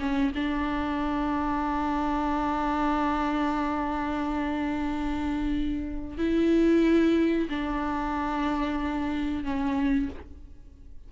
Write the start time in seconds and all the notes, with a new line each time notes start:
0.00 C#4
0.35 D4
6.18 E4
7.49 D4
9.44 C#4